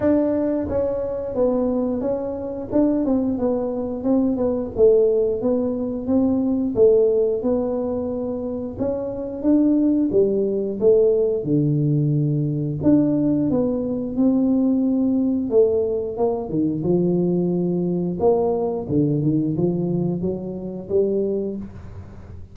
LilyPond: \new Staff \with { instrumentName = "tuba" } { \time 4/4 \tempo 4 = 89 d'4 cis'4 b4 cis'4 | d'8 c'8 b4 c'8 b8 a4 | b4 c'4 a4 b4~ | b4 cis'4 d'4 g4 |
a4 d2 d'4 | b4 c'2 a4 | ais8 dis8 f2 ais4 | d8 dis8 f4 fis4 g4 | }